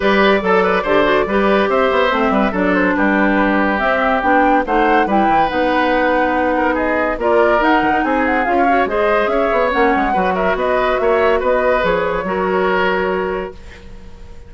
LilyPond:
<<
  \new Staff \with { instrumentName = "flute" } { \time 4/4 \tempo 4 = 142 d''1 | e''2 d''8 c''8 b'4~ | b'4 e''4 g''4 fis''4 | g''4 fis''2. |
dis''4 d''4 fis''4 gis''8 fis''8 | f''4 dis''4 e''4 fis''4~ | fis''8 e''8 dis''4 e''4 dis''4 | cis''1 | }
  \new Staff \with { instrumentName = "oboe" } { \time 4/4 b'4 a'8 b'8 c''4 b'4 | c''4. b'8 a'4 g'4~ | g'2. c''4 | b'2.~ b'8 ais'8 |
gis'4 ais'2 gis'4~ | gis'16 cis''8. c''4 cis''2 | b'8 ais'8 b'4 cis''4 b'4~ | b'4 ais'2. | }
  \new Staff \with { instrumentName = "clarinet" } { \time 4/4 g'4 a'4 g'8 fis'8 g'4~ | g'4 c'4 d'2~ | d'4 c'4 d'4 dis'4 | e'4 dis'2.~ |
dis'4 f'4 dis'2 | f'8 fis'8 gis'2 cis'4 | fis'1 | gis'4 fis'2. | }
  \new Staff \with { instrumentName = "bassoon" } { \time 4/4 g4 fis4 d4 g4 | c'8 b8 a8 g8 fis4 g4~ | g4 c'4 b4 a4 | g8 e8 b2.~ |
b4 ais4 dis'8 dis16 dis'16 c'4 | cis'4 gis4 cis'8 b8 ais8 gis8 | fis4 b4 ais4 b4 | f4 fis2. | }
>>